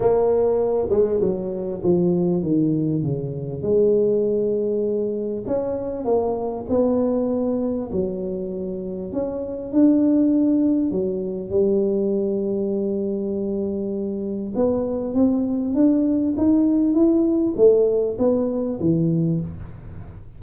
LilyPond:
\new Staff \with { instrumentName = "tuba" } { \time 4/4 \tempo 4 = 99 ais4. gis8 fis4 f4 | dis4 cis4 gis2~ | gis4 cis'4 ais4 b4~ | b4 fis2 cis'4 |
d'2 fis4 g4~ | g1 | b4 c'4 d'4 dis'4 | e'4 a4 b4 e4 | }